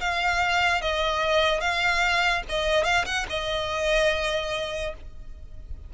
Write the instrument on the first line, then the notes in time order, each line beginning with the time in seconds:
violin
0.00 F5
0.81 D#5
1.60 F5
2.49 D#5
2.84 F5
3.05 F#5
3.29 D#5